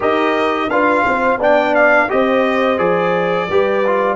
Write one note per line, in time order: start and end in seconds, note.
0.00 0.69 D#4
0.00 0.70 G4
0.00 0.68 A#4
0.00 0.70 D#5
0.69 1.04 D4
0.69 1.40 F4
0.69 1.05 B4
0.69 1.40 F5
1.05 1.37 C4
1.05 1.39 C5
1.37 2.07 B3
1.37 2.08 D4
1.37 2.08 D5
1.37 1.74 G5
1.74 2.09 F5
2.08 2.78 C4
2.08 2.77 G4
2.08 3.49 C5
2.08 2.78 D#5
2.77 3.48 F3
2.77 3.47 G#4
2.77 4.16 D5
3.49 4.16 G3
3.49 3.85 G4
3.49 4.16 B4
3.86 4.16 F4